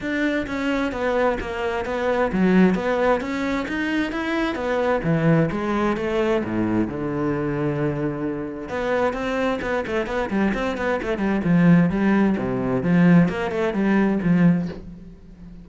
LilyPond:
\new Staff \with { instrumentName = "cello" } { \time 4/4 \tempo 4 = 131 d'4 cis'4 b4 ais4 | b4 fis4 b4 cis'4 | dis'4 e'4 b4 e4 | gis4 a4 a,4 d4~ |
d2. b4 | c'4 b8 a8 b8 g8 c'8 b8 | a8 g8 f4 g4 c4 | f4 ais8 a8 g4 f4 | }